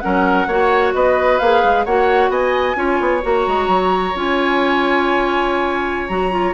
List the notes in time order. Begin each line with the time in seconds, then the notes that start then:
0.00 F#3 C#4 A#4 F#5
0.47 A#3 F#4 C#5
0.94 B3 B4 D#5
1.39 A#3 G#4 F5
1.64 G#3
1.85 A#3 F#4 C#5 F#5
2.29 B3 D#5 G#5
2.75 C#4 F4 C#5
3.00 B3
3.22 A#3 F#4 A#5
3.47 G#3
3.68 F#3
4.15 C#4 F4 G#5
6.08 F#3 F#4 A#5
6.31 F4